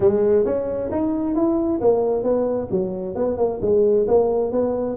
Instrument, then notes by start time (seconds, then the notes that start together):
tuba
0.00 G#3
0.45 C#4
0.91 D#4
1.35 E4
1.80 A#3
2.23 B3
2.71 F#3
3.15 B3
3.37 A#3
3.61 G#3
4.07 A#3
4.51 B3